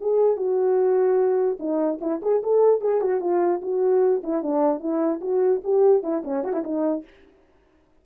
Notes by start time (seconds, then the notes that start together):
0.00 G#4
0.36 F#4
1.59 D#4
2.01 E4
2.22 G#4
2.43 A4
2.81 G#4
3.01 F#4
3.20 F4
3.61 F#4
4.23 E4
4.42 D4
4.80 E4
5.21 F#4
5.64 G4
6.03 E4
6.24 C#4
6.43 F#4
6.53 E4
6.63 D#4